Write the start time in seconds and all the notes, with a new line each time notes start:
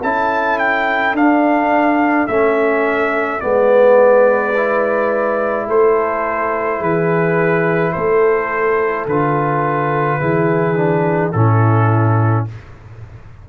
0.00 C#4 E4 A4 A5
0.58 G5
1.13 D4 F5
2.27 A3 C#4 E5
3.40 G#3 B3 D5
3.68 B4
4.56 E4
5.67 A3 A4 C5
6.79 E3 G#4 B4
7.92 A3 A4 C5
9.06 D3 F4 B4
10.20 E3 E4 G#4
10.76 D4
11.32 A2 C#4 E4 A4